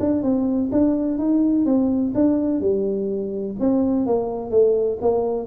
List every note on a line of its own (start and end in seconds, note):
0.00 0.23 D4
0.23 0.70 C4
0.72 1.18 D4
1.18 1.66 D#4
1.66 2.13 C4
2.15 2.61 D4
2.61 3.56 G3
3.60 4.06 C4
4.06 4.51 A#3
4.51 4.98 A3
5.02 5.47 A#3